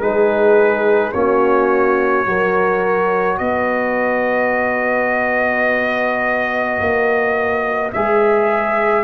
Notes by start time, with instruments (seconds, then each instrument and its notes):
0.00 tuba G#3, trombone D#4, horn G#4, trumpet B4
1.12 tuba A#3, trombone C#4, horn F#4, trumpet C#5
2.26 tuba F#3, trombone F#4, horn A#4
3.38 tuba B3, horn B4, trumpet D#5
6.80 tuba A#3
7.93 tuba G#3, trombone G#4, trumpet E5